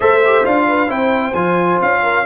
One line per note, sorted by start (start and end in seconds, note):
0.00 0.45 A3
0.00 0.21 A4
0.00 0.67 C5
0.00 0.45 E5
0.25 0.43 G4
0.43 0.88 D4
0.43 0.87 F4
0.43 0.91 F5
0.67 0.88 B4
0.87 1.33 C4
0.87 1.32 E4
0.87 2.01 C5
0.87 1.34 G5
1.34 1.79 F3
1.34 2.25 F4
1.34 1.79 G#5
1.81 2.26 C#4
1.81 2.26 F5
2.02 2.25 A#4